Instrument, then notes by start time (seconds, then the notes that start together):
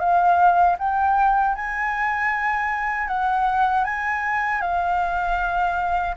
flute
0.00 F5
0.79 G5
1.56 G#5
3.08 F#5
3.85 G#5
4.62 F5